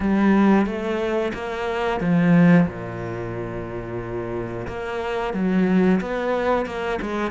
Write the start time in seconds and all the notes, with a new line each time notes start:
0.00 G3
0.65 A3
1.33 A#3
2.00 F3
2.67 A#2
4.67 A#3
5.33 F#3
6.00 B3
6.65 A#3
7.02 G#3